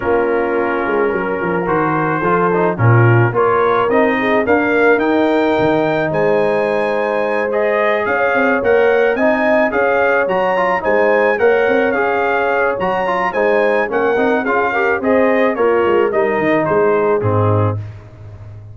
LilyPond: <<
  \new Staff \with { instrumentName = "trumpet" } { \time 4/4 \tempo 4 = 108 ais'2. c''4~ | c''4 ais'4 cis''4 dis''4 | f''4 g''2 gis''4~ | gis''4. dis''4 f''4 fis''8~ |
fis''8 gis''4 f''4 ais''4 gis''8~ | gis''8 fis''4 f''4. ais''4 | gis''4 fis''4 f''4 dis''4 | cis''4 dis''4 c''4 gis'4 | }
  \new Staff \with { instrumentName = "horn" } { \time 4/4 f'2 ais'2 | a'4 f'4 ais'4. gis'8 | ais'2. c''4~ | c''2~ c''8 cis''4.~ |
cis''8 dis''4 cis''2 c''8~ | c''8 cis''2.~ cis''8 | c''4 ais'4 gis'8 ais'8 c''4 | f'4 ais'4 gis'4 dis'4 | }
  \new Staff \with { instrumentName = "trombone" } { \time 4/4 cis'2. fis'4 | f'8 dis'8 cis'4 f'4 dis'4 | ais4 dis'2.~ | dis'4. gis'2 ais'8~ |
ais'8 dis'4 gis'4 fis'8 f'8 dis'8~ | dis'8 ais'4 gis'4. fis'8 f'8 | dis'4 cis'8 dis'8 f'8 g'8 gis'4 | ais'4 dis'2 c'4 | }
  \new Staff \with { instrumentName = "tuba" } { \time 4/4 ais4. gis8 fis8 f8 dis4 | f4 ais,4 ais4 c'4 | d'4 dis'4 dis4 gis4~ | gis2~ gis8 cis'8 c'8 ais8~ |
ais8 c'4 cis'4 fis4 gis8~ | gis8 ais8 c'8 cis'4. fis4 | gis4 ais8 c'8 cis'4 c'4 | ais8 gis8 g8 dis8 gis4 gis,4 | }
>>